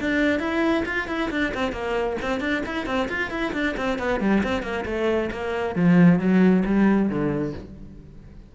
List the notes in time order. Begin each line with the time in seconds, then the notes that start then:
0.00 D4
0.39 E4
0.85 F4
1.08 E4
1.31 D4
1.54 C4
1.72 A#3
2.21 C4
2.40 D4
2.65 E4
2.86 C4
3.09 F4
3.30 E4
3.53 D4
3.77 C4
3.98 B3
4.20 G3
4.43 C4
4.62 A#3
4.85 A3
5.31 A#3
5.75 F3
6.19 F#3
6.65 G3
7.09 D3